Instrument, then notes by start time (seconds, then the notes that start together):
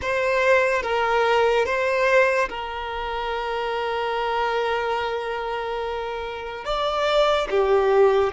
violin
0.01 C5
0.82 A#4
1.65 C5
2.49 A#4
6.64 D5
7.50 G4